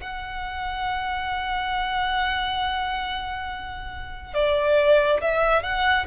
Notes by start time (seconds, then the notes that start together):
0.00 F#5
4.34 D5
5.21 E5
5.62 F#5